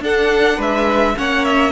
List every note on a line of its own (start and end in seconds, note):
0.00 0.57 D4
0.00 1.16 D4
0.00 0.57 A4
0.00 0.61 F#5
0.57 1.14 G#3
0.57 1.14 B4
0.57 1.18 E5
1.16 1.71 A#3
1.16 1.71 C#4
1.16 1.71 C#5
1.16 1.45 F#5
1.45 1.71 E5